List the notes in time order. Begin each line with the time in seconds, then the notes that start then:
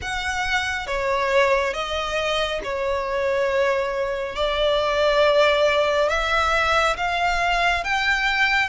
0.01 F#5
0.86 C#5
1.74 D#5
2.63 C#5
4.35 D5
6.09 E5
6.96 F5
7.84 G5